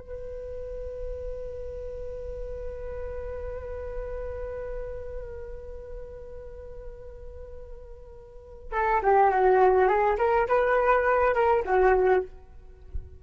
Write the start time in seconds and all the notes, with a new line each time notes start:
0.00 B4
8.72 A4
9.03 G4
9.31 F#4
9.88 G#4
10.18 A#4
10.48 B4
11.35 A#4
11.65 F#4